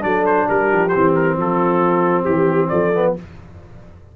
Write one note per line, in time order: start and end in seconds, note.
0.00 0.48 F#3
0.00 0.89 D4
0.00 0.48 A4
0.00 0.25 D5
0.26 0.48 C5
0.48 0.72 G3
0.48 1.37 G4
0.48 0.89 A#4
0.72 0.95 F3
0.89 1.11 C5
0.95 1.37 E3
0.95 2.94 C4
1.15 1.37 A#4
1.37 2.26 F3
1.37 2.26 F4
1.37 2.25 A4
2.25 2.71 E3
2.25 2.68 G4
2.25 2.70 G4
2.68 3.16 F3
2.68 3.15 A4
2.68 3.13 D5
2.94 3.16 B3